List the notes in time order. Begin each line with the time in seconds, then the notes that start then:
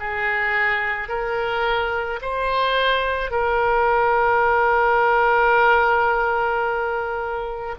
0.00 G#4
1.09 A#4
2.22 C5
3.31 A#4